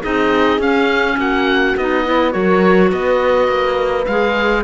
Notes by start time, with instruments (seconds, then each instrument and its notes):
0.00 cello C4, clarinet D#4, horn G#4, oboe D#5
0.58 cello C#4, clarinet C#4, oboe F5
1.17 cello A#3, horn F#4, oboe F#5
1.76 cello B3, clarinet D#4, oboe D#5
2.05 clarinet E4, horn B4
2.31 cello F#3, clarinet F#4, horn A#4, oboe C#5
2.89 cello B3, horn B4, oboe D#5
3.48 cello A#3
4.06 cello G#3, clarinet G#4, oboe F5